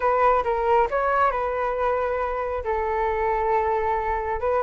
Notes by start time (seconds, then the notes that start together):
0.00 B4
0.44 A#4
0.90 C#5
1.31 B4
2.64 A4
4.40 B4